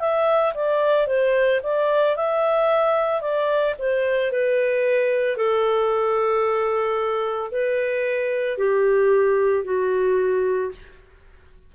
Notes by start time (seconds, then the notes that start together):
0.00 E5
0.54 D5
1.07 C5
1.63 D5
2.16 E5
3.21 D5
3.78 C5
4.31 B4
5.37 A4
7.51 B4
8.58 G4
9.64 F#4